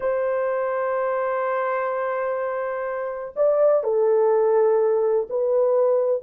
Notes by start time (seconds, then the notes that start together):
0.00 C5
3.36 D5
3.83 A4
5.29 B4